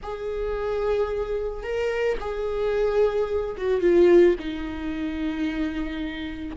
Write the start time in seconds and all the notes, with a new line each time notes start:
0.02 G#4
1.63 A#4
2.19 G#4
3.57 F#4
3.81 F4
4.39 D#4